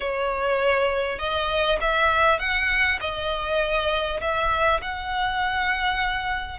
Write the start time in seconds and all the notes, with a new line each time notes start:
0.00 C#5
1.18 D#5
1.80 E5
2.39 F#5
3.00 D#5
4.20 E5
4.81 F#5